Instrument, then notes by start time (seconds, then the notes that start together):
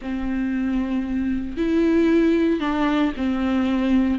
viola
0.01 C4
1.57 E4
2.59 D4
3.17 C4